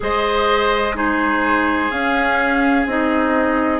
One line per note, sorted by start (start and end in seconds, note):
0.00 1.90 G#3
0.00 0.92 G#4
0.00 0.95 C5
0.00 0.96 D#5
0.94 1.89 D#4
0.94 3.79 G#4
0.94 1.91 C5
1.90 2.86 C#4
1.90 2.87 C#4
1.90 2.86 F5
2.86 3.79 C4
2.86 3.79 D#4
2.86 3.79 D#5